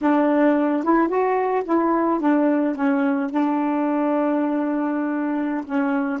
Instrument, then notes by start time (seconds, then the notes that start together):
saxophone
0.01 D4
0.83 E4
1.08 F#4
1.65 E4
2.20 D4
2.75 C#4
3.30 D4
5.64 C#4